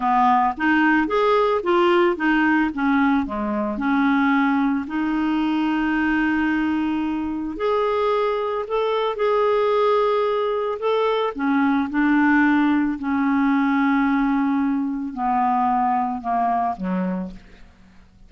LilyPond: \new Staff \with { instrumentName = "clarinet" } { \time 4/4 \tempo 4 = 111 b4 dis'4 gis'4 f'4 | dis'4 cis'4 gis4 cis'4~ | cis'4 dis'2.~ | dis'2 gis'2 |
a'4 gis'2. | a'4 cis'4 d'2 | cis'1 | b2 ais4 fis4 | }